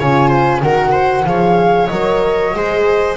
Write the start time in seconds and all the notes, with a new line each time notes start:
0.00 C#3 F4 C#5 G#5
0.28 C5
0.62 D#3 F#4 A#4 F#5
0.91 C5
1.25 F3 G#4 C#5 F5
1.87 F#3 A#4 D#5
2.54 G#3 G#4 C5